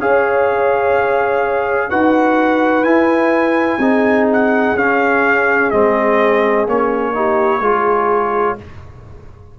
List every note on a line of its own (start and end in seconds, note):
0.00 1.91 C#4
0.00 1.91 G#4
0.00 1.90 C#5
0.00 1.91 F5
1.90 2.83 D#4
1.90 2.85 F#4
1.90 3.80 B4
1.90 2.84 F#5
2.83 3.78 E4
2.83 3.80 E4
2.83 4.27 G#5
3.78 4.74 C4
3.78 4.77 D#4
3.78 7.13 G#4
4.33 4.78 F#5
4.75 5.71 C#4
4.75 5.73 C#4
4.75 5.71 F5
5.71 6.68 G#3
5.71 6.68 C4
5.71 6.66 D#5
6.68 7.62 A#3
6.68 7.14 C#4
6.68 8.60 C#5
7.14 7.62 D#4
7.14 7.61 G4
7.61 8.57 G#3
7.61 8.58 F4
7.61 8.57 G#4